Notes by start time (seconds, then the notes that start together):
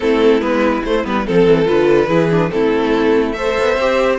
0.00 A3 C4 E4 A4
0.41 G#3 B3 B4
0.84 A3 C5
1.04 G3 B3 B4
1.26 F3 C4 A4
1.46 E3
1.65 D3 F4 B4
2.08 E3 E4 G#4
2.31 D4
2.50 A3 C4 E4 A4
3.32 A4 C5 E5
3.58 B3
3.77 C4 G4